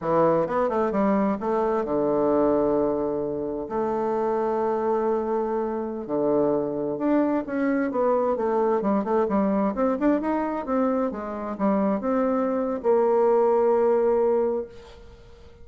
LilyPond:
\new Staff \with { instrumentName = "bassoon" } { \time 4/4 \tempo 4 = 131 e4 b8 a8 g4 a4 | d1 | a1~ | a4~ a16 d2 d'8.~ |
d'16 cis'4 b4 a4 g8 a16~ | a16 g4 c'8 d'8 dis'4 c'8.~ | c'16 gis4 g4 c'4.~ c'16 | ais1 | }